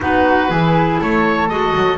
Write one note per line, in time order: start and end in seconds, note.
0.00 0.50 B3
0.00 0.49 D#4
0.00 0.50 F#4
0.00 1.01 B4
0.49 0.99 E3
0.49 1.48 E4
0.49 1.00 G#4
1.00 1.49 A3
1.00 1.98 A4
1.00 1.49 C#5
1.49 1.73 G#3
1.49 1.98 F#4
1.49 1.98 D#5
1.74 1.98 F#3